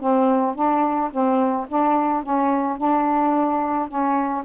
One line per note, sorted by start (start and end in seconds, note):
0.00 0.56 C4
0.56 1.11 D4
1.11 1.67 C4
1.69 2.23 D4
2.23 2.78 C#4
2.78 3.89 D4
3.89 4.44 C#4